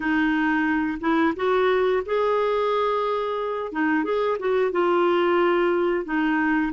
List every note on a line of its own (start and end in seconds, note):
0.00 0.98 D#4
1.00 1.34 E4
1.35 2.03 F#4
2.05 3.72 G#4
3.72 4.04 D#4
4.04 4.37 G#4
4.39 4.71 F#4
4.71 6.05 F4
6.05 6.72 D#4